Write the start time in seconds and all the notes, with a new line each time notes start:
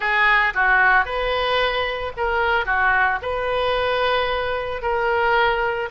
0.00 G#4
0.54 F#4
1.05 B4
2.16 A#4
2.65 F#4
3.21 B4
4.82 A#4